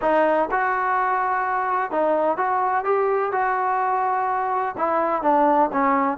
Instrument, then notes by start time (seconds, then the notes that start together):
trombone
0.01 D#4
0.51 F#4
1.91 D#4
2.37 F#4
2.84 G4
3.32 F#4
4.77 E4
5.22 D4
5.72 C#4